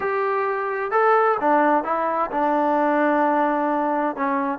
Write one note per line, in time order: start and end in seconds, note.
0.00 0.91 G4
0.91 1.37 A4
1.40 1.84 D4
1.84 2.30 E4
2.31 4.15 D4
4.15 4.58 C#4